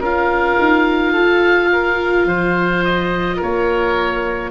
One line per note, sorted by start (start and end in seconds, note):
0.00 0.57 C#4
0.00 4.51 F4
0.00 1.13 A#4
0.00 2.85 F5
0.59 1.15 D#4
1.13 2.26 F4
1.13 1.70 A4
1.73 2.28 A#4
2.26 3.39 F3
2.26 3.37 C5
2.85 3.41 D#5
3.37 4.50 A#4
3.37 4.51 C#5
3.43 4.51 A#3